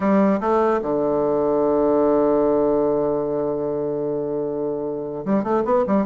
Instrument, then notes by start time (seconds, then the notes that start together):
bassoon
0.00 G3
0.40 A3
0.82 D3
5.25 G3
5.43 A3
5.64 B3
5.86 G3